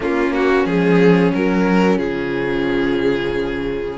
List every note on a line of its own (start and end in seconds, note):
0.00 0.64 A#3
0.00 0.65 A#3
0.00 3.97 C#4
0.00 0.33 F4
0.33 0.65 F#4
0.64 1.32 F3
0.64 1.31 G#3
0.64 1.32 G#4
1.34 1.97 F#3
1.34 1.98 A#4
1.97 3.97 C#3
1.97 3.97 F3
1.97 3.97 G#4